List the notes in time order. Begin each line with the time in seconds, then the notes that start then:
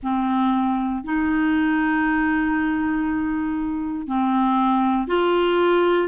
0.02 C4
1.04 D#4
4.07 C4
5.07 F4